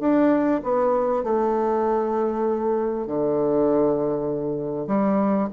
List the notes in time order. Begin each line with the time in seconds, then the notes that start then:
0.00 D4
0.63 B3
1.24 A3
3.07 D3
4.87 G3